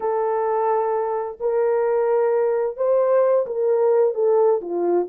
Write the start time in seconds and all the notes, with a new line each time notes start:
0.00 A4
1.40 A#4
2.77 C5
3.46 A#4
4.14 A4
4.61 F4